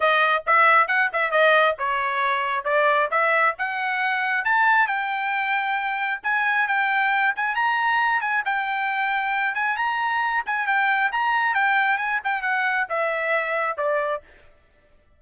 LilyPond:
\new Staff \with { instrumentName = "trumpet" } { \time 4/4 \tempo 4 = 135 dis''4 e''4 fis''8 e''8 dis''4 | cis''2 d''4 e''4 | fis''2 a''4 g''4~ | g''2 gis''4 g''4~ |
g''8 gis''8 ais''4. gis''8 g''4~ | g''4. gis''8 ais''4. gis''8 | g''4 ais''4 g''4 gis''8 g''8 | fis''4 e''2 d''4 | }